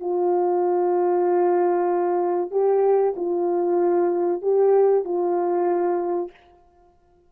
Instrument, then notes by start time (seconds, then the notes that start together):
horn
0.00 F4
2.51 G4
3.16 F4
4.42 G4
5.04 F4